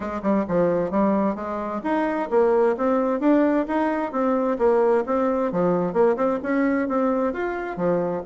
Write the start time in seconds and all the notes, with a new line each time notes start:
0.00 G#3
0.22 G3
0.47 F3
0.90 G3
1.35 G#3
1.83 D#4
2.30 A#3
2.77 C4
3.20 D4
3.67 D#4
4.12 C4
4.58 A#3
5.06 C4
5.51 F3
5.93 A#3
6.16 C4
6.42 C#4
6.88 C4
7.33 F4
7.76 F3